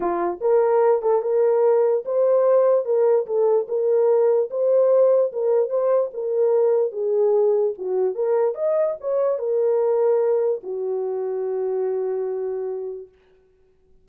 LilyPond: \new Staff \with { instrumentName = "horn" } { \time 4/4 \tempo 4 = 147 f'4 ais'4. a'8 ais'4~ | ais'4 c''2 ais'4 | a'4 ais'2 c''4~ | c''4 ais'4 c''4 ais'4~ |
ais'4 gis'2 fis'4 | ais'4 dis''4 cis''4 ais'4~ | ais'2 fis'2~ | fis'1 | }